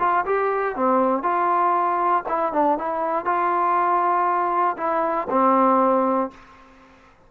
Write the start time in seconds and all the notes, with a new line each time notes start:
0.00 F4
0.26 G4
0.76 C4
1.23 F4
2.29 E4
2.53 D4
2.78 E4
3.25 F4
4.78 E4
5.31 C4